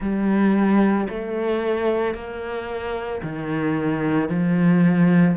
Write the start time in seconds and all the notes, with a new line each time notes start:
0.00 G3
1.09 A3
2.14 A#3
3.22 D#3
4.29 F3